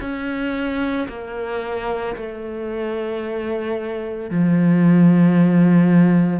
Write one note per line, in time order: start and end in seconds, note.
0.00 1.07 C#4
1.09 2.16 A#3
2.16 4.31 A3
4.31 6.40 F3